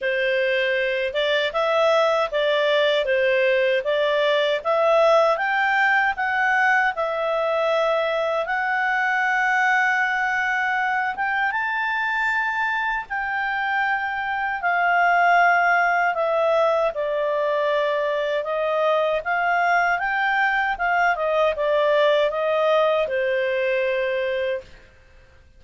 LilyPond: \new Staff \with { instrumentName = "clarinet" } { \time 4/4 \tempo 4 = 78 c''4. d''8 e''4 d''4 | c''4 d''4 e''4 g''4 | fis''4 e''2 fis''4~ | fis''2~ fis''8 g''8 a''4~ |
a''4 g''2 f''4~ | f''4 e''4 d''2 | dis''4 f''4 g''4 f''8 dis''8 | d''4 dis''4 c''2 | }